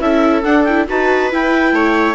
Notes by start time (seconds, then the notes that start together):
0.00 C#4 E4 A4 E5
0.44 D4 F#5
0.64 E4 G5
0.88 D#4 F#4 B4 A5
1.32 E4 G5
1.73 A3 C#5